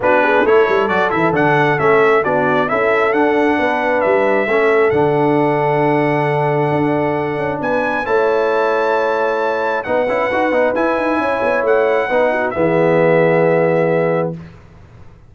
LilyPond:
<<
  \new Staff \with { instrumentName = "trumpet" } { \time 4/4 \tempo 4 = 134 b'4 cis''4 d''8 e''8 fis''4 | e''4 d''4 e''4 fis''4~ | fis''4 e''2 fis''4~ | fis''1~ |
fis''4 gis''4 a''2~ | a''2 fis''2 | gis''2 fis''2 | e''1 | }
  \new Staff \with { instrumentName = "horn" } { \time 4/4 fis'8 gis'8 a'2.~ | a'4 fis'4 a'2 | b'2 a'2~ | a'1~ |
a'4 b'4 cis''2~ | cis''2 b'2~ | b'4 cis''2 b'8 fis'8 | gis'1 | }
  \new Staff \with { instrumentName = "trombone" } { \time 4/4 d'4 e'4 fis'8 e'8 d'4 | cis'4 d'4 e'4 d'4~ | d'2 cis'4 d'4~ | d'1~ |
d'2 e'2~ | e'2 dis'8 e'8 fis'8 dis'8 | e'2. dis'4 | b1 | }
  \new Staff \with { instrumentName = "tuba" } { \time 4/4 b4 a8 g8 fis8 e8 d4 | a4 b4 cis'4 d'4 | b4 g4 a4 d4~ | d2. d'4~ |
d'8 cis'8 b4 a2~ | a2 b8 cis'8 dis'8 b8 | e'8 dis'8 cis'8 b8 a4 b4 | e1 | }
>>